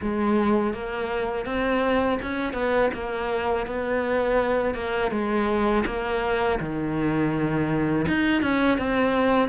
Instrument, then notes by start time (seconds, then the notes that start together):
cello
0.01 G#3
0.73 A#3
1.45 C4
2.22 C#4
2.53 B3
2.93 A#3
3.66 B3
4.74 A#3
5.11 G#3
5.85 A#3
6.59 D#3
8.08 D#4
8.41 C#4
8.77 C4